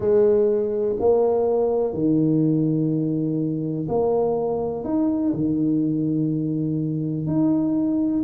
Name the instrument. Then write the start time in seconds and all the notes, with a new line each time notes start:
tuba
0.00 G#3
0.99 A#3
1.93 D#3
3.88 A#3
4.84 D#4
5.33 D#3
7.26 D#4